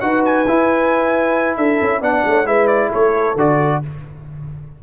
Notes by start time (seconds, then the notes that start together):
0.00 D#4 F#4 B4 F#5
0.25 G#5
0.47 E4
1.56 D4 A4 E5
1.81 C#4
2.00 B3 D4 D5 F#5
2.24 A3 C#5
2.45 G#3 E4 B4 E5
2.67 D5
2.89 A3 A4 C#5
3.35 D3 F#4 D5